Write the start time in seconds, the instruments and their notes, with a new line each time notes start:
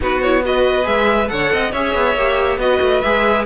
0.00 cello B3, viola D#4, violin F#4 B4
0.21 viola E4, violin C#5
0.43 viola F#4, violin B4 D#5
0.83 cello G#3, viola G#4, violin E5
1.27 cello D3, viola A4, violin C#5 F#5
1.52 cello C4, violin D#5
1.72 cello C#4, viola G#4, violin C#5 E5
1.94 cello B3
2.14 cello A#3, viola G4
2.57 cello B3, viola F#4, violin B4 D#5
2.81 cello A3
3.01 cello G#3, viola G#4, violin E5